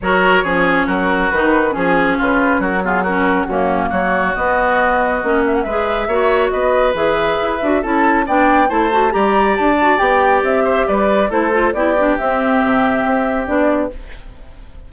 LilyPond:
<<
  \new Staff \with { instrumentName = "flute" } { \time 4/4 \tempo 4 = 138 cis''2 ais'4 b'4 | gis'4 b'4 ais'8 gis'8 ais'4 | fis'4 cis''4 dis''2~ | dis''8 e''16 fis''16 e''2 dis''4 |
e''2 a''4 g''4 | a''4 ais''4 a''4 g''4 | e''4 d''4 c''4 d''4 | e''2. d''4 | }
  \new Staff \with { instrumentName = "oboe" } { \time 4/4 ais'4 gis'4 fis'2 | gis'4 f'4 fis'8 f'8 fis'4 | cis'4 fis'2.~ | fis'4 b'4 cis''4 b'4~ |
b'2 a'4 d''4 | c''4 d''2.~ | d''8 c''8 b'4 a'4 g'4~ | g'1 | }
  \new Staff \with { instrumentName = "clarinet" } { \time 4/4 fis'4 cis'2 dis'4 | cis'2~ cis'8 b8 cis'4 | ais2 b2 | cis'4 gis'4 fis'2 |
gis'4. fis'8 e'4 d'4 | e'8 fis'8 g'4. fis'8 g'4~ | g'2 e'8 f'8 e'8 d'8 | c'2. d'4 | }
  \new Staff \with { instrumentName = "bassoon" } { \time 4/4 fis4 f4 fis4 dis4 | f4 cis4 fis2 | fis,4 fis4 b2 | ais4 gis4 ais4 b4 |
e4 e'8 d'8 cis'4 b4 | a4 g4 d'4 b4 | c'4 g4 a4 b4 | c'4 c4 c'4 b4 | }
>>